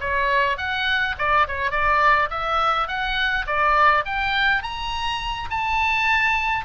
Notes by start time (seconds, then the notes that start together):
0.00 C#5
0.57 F#5
1.18 D5
1.48 C#5
1.71 D5
2.30 E5
2.87 F#5
3.46 D5
4.05 G5
4.62 A#5
5.50 A5